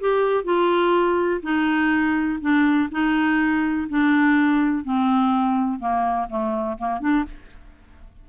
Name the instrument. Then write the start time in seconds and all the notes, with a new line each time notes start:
clarinet
0.00 G4
0.44 F4
1.43 D#4
2.41 D4
2.91 D#4
3.89 D4
4.84 C4
5.79 A#3
6.29 A3
6.78 A#3
7.00 D4